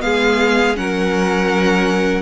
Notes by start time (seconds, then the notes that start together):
0.00 G#3 B3 G#4 F5
0.75 F#3 C#4 A#4 F#5